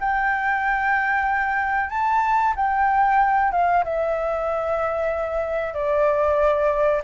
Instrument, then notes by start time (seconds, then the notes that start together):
flute
0.00 G5
1.89 A5
2.56 G5
3.52 F5
3.84 E5
5.73 D5